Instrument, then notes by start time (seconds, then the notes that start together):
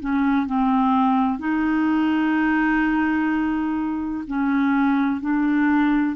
clarinet
0.00 C#4
0.46 C4
1.39 D#4
4.27 C#4
5.21 D4